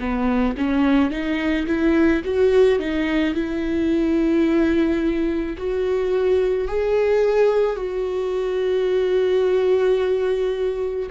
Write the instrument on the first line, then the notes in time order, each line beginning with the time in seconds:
viola
0.00 B3
0.57 C#4
1.11 D#4
1.67 E4
2.25 F#4
2.79 D#4
3.34 E4
5.57 F#4
6.68 G#4
7.76 F#4